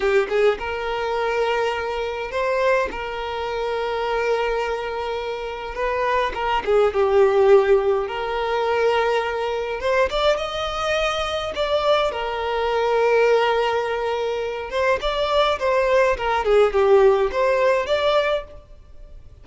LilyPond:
\new Staff \with { instrumentName = "violin" } { \time 4/4 \tempo 4 = 104 g'8 gis'8 ais'2. | c''4 ais'2.~ | ais'2 b'4 ais'8 gis'8 | g'2 ais'2~ |
ais'4 c''8 d''8 dis''2 | d''4 ais'2.~ | ais'4. c''8 d''4 c''4 | ais'8 gis'8 g'4 c''4 d''4 | }